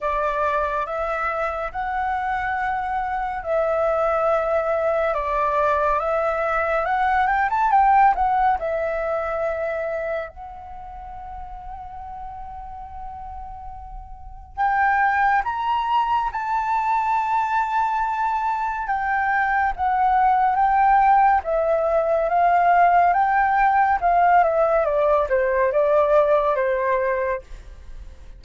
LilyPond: \new Staff \with { instrumentName = "flute" } { \time 4/4 \tempo 4 = 70 d''4 e''4 fis''2 | e''2 d''4 e''4 | fis''8 g''16 a''16 g''8 fis''8 e''2 | fis''1~ |
fis''4 g''4 ais''4 a''4~ | a''2 g''4 fis''4 | g''4 e''4 f''4 g''4 | f''8 e''8 d''8 c''8 d''4 c''4 | }